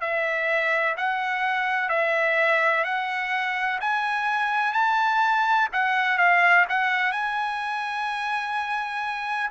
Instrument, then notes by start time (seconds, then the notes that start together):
trumpet
0.00 E5
0.97 F#5
1.89 E5
2.84 F#5
3.80 G#5
4.73 A5
5.72 F#5
6.18 F5
6.69 F#5
7.11 G#5